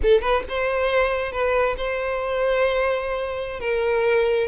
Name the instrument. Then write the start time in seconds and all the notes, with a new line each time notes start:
violin
0.02 A4
0.21 B4
0.48 C5
1.32 B4
1.77 C5
3.60 A#4